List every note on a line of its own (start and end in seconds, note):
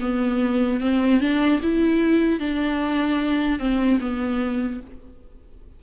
0.00 0.80 B3
0.80 1.20 C4
1.20 1.60 D4
1.62 2.39 E4
2.39 3.59 D4
3.59 3.99 C4
4.00 4.80 B3